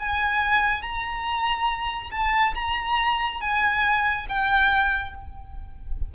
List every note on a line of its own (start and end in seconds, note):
0.00 0.82 G#5
0.82 2.11 A#5
2.12 2.55 A5
2.55 3.41 A#5
3.41 4.27 G#5
4.29 5.15 G5